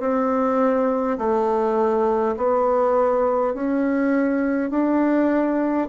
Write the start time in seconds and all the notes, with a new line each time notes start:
0.00 C4
1.18 A3
2.37 B3
3.54 C#4
4.70 D4